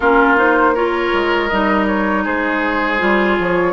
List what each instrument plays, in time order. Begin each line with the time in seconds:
0.00 bassoon A#3, clarinet C#4, oboe F4, flute A#4
0.36 clarinet D#4, flute C5
0.74 clarinet F4, oboe A#4, flute C#5
1.13 bassoon G#3
1.48 bassoon G3, clarinet D#4, flute D#5
1.87 flute C#5
2.24 bassoon G#3, oboe G#4, flute C5
2.98 bassoon G3, clarinet F4
3.38 bassoon F3, flute C#5